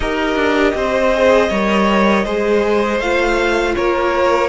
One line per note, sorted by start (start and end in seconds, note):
0.00 0.35 D#4
0.00 1.13 G4
0.00 0.73 A#4
0.00 3.00 D#5
0.35 0.73 D4
0.74 1.49 C4
0.74 1.49 C5
1.13 1.51 G#4
1.49 2.25 G3
1.49 2.26 A#4
1.49 2.24 C#5
2.24 2.99 G#3
2.24 3.01 G#4
2.24 3.74 C5
2.99 3.74 A3
2.99 4.49 F4
2.99 3.75 F5
3.75 4.49 A#3
3.75 4.49 A#4
3.75 4.49 C#5